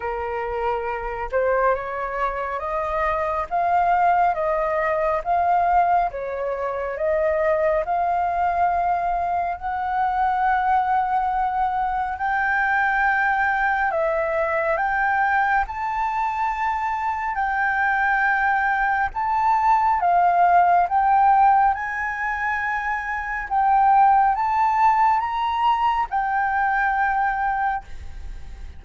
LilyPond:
\new Staff \with { instrumentName = "flute" } { \time 4/4 \tempo 4 = 69 ais'4. c''8 cis''4 dis''4 | f''4 dis''4 f''4 cis''4 | dis''4 f''2 fis''4~ | fis''2 g''2 |
e''4 g''4 a''2 | g''2 a''4 f''4 | g''4 gis''2 g''4 | a''4 ais''4 g''2 | }